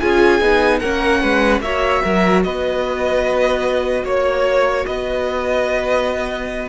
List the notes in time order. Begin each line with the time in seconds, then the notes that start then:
0.00 C#4 F4 G#4 G#5
0.41 B3 D#4
0.80 A#3 C#4 A#4 F#5
1.21 G#3 B4
1.61 A#3 F#4 C#5 E5
2.04 F#3 A#4
2.44 B3 B4 D#5
4.04 A#3 C#5
4.87 B3 B4 D#5